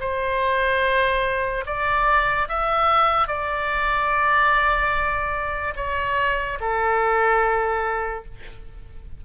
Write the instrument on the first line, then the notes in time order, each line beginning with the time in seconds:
oboe
0.00 C5
1.66 D5
2.48 E5
3.27 D5
5.76 C#5
6.60 A4